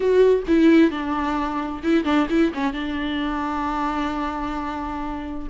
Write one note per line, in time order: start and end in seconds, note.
0.00 0.43 F#4
0.47 0.90 E4
0.90 1.82 D4
1.83 2.04 E4
2.04 2.27 D4
2.29 2.52 E4
2.53 2.73 C#4
2.73 5.48 D4